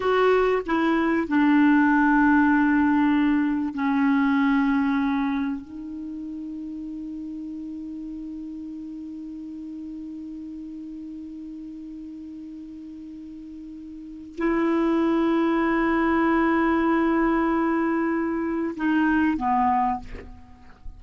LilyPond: \new Staff \with { instrumentName = "clarinet" } { \time 4/4 \tempo 4 = 96 fis'4 e'4 d'2~ | d'2 cis'2~ | cis'4 dis'2.~ | dis'1~ |
dis'1~ | dis'2. e'4~ | e'1~ | e'2 dis'4 b4 | }